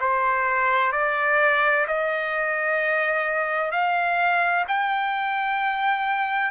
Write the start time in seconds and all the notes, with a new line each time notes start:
0.00 C5
0.92 D5
1.87 D#5
3.72 F5
4.68 G5